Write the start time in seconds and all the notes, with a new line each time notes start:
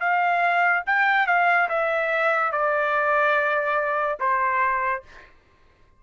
0.00 F5
0.86 G5
1.27 F5
1.69 E5
2.52 D5
4.20 C5